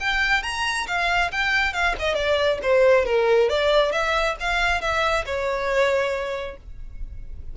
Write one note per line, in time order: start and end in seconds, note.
0.00 0.43 G5
0.43 0.87 A#5
0.87 1.31 F5
1.32 1.73 G5
1.73 1.95 F5
1.99 2.15 D#5
2.15 2.59 D5
2.63 3.05 C5
3.05 3.49 A#4
3.49 3.92 D5
3.92 4.36 E5
4.40 4.81 F5
4.81 5.25 E5
5.26 6.57 C#5